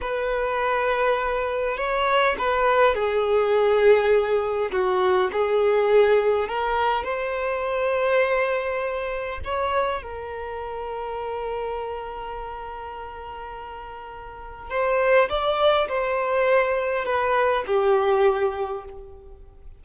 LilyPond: \new Staff \with { instrumentName = "violin" } { \time 4/4 \tempo 4 = 102 b'2. cis''4 | b'4 gis'2. | fis'4 gis'2 ais'4 | c''1 |
cis''4 ais'2.~ | ais'1~ | ais'4 c''4 d''4 c''4~ | c''4 b'4 g'2 | }